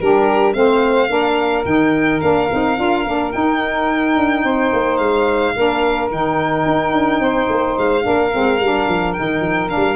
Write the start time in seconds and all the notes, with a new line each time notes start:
0.00 G3 D4 G4 A#4
0.54 A3 C4 C5 F5
1.09 A#3 D4 A#4
1.65 D#3 D#4 G5
2.21 A#3 D4 F5
2.51 C4 D#4
2.77 D4 F4
3.05 A#3 D4
3.32 D#4 G5
4.17 D4
4.43 C4 C5
4.73 A#3
4.97 G#3 F5
5.56 A#3 D4 A#4
6.10 D#3 D#4 G5
6.66 D#4
6.93 D4
7.20 C4 C5
7.49 A#3
7.78 G#3 F5
8.02 A#3 D4 A#4
8.32 G#3 C4
8.60 G3 D4
8.88 F3
9.13 D#4 G5
9.20 D#3
9.41 F3
9.69 D4 F5
9.76 G3